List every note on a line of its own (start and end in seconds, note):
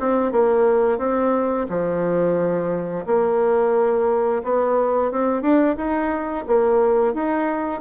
0.00 0.32 C4
0.32 0.99 A#3
0.99 1.67 C4
1.69 3.06 F3
3.06 4.43 A#3
4.44 5.11 B3
5.11 5.42 C4
5.42 5.76 D4
5.77 6.45 D#4
6.47 7.14 A#3
7.14 7.81 D#4